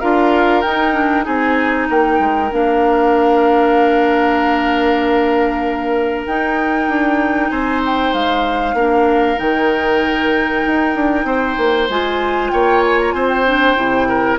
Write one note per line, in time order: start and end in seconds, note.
0.00 0.64 D4
0.00 0.64 F4
0.00 1.25 A#4
0.00 0.61 F5
0.61 1.26 D#4
0.61 0.93 D#4
0.61 1.24 G5
0.93 1.23 D4
1.23 1.89 C4
1.23 2.48 D#4
1.23 1.88 G#4
1.23 1.88 G#5
1.89 2.19 A#3
1.89 7.50 A#4
1.89 2.52 G5
2.19 2.51 G#3
2.52 6.26 A#3
2.52 6.27 D4
2.52 6.26 F5
6.26 6.88 D#4
6.26 8.76 D#4
6.26 7.50 G5
6.88 7.50 D4
7.50 8.13 C4
7.50 8.75 C5
7.50 7.81 G#5
7.86 8.14 G5
8.14 8.73 G#3
8.14 9.39 F5
8.73 9.36 A#3
8.73 9.37 D4
8.73 11.26 A#4
9.37 10.64 D#3
9.37 11.87 D#4
9.37 11.89 G5
10.66 10.95 D#4
10.95 11.24 D4
11.24 11.55 C4
11.24 12.51 C5
11.58 11.89 A#3
11.89 12.51 G#3
11.89 13.46 F4
11.89 12.51 G#5
12.51 13.13 A#3
12.51 13.14 C#5
12.51 12.83 G5
12.84 13.00 G#5
13.01 13.12 A#5
13.12 13.76 C4
13.12 14.08 C5
13.12 13.28 G#5
13.29 14.38 G5
13.46 13.76 D4
13.76 14.38 C3
13.76 14.38 E4
14.08 14.38 A#4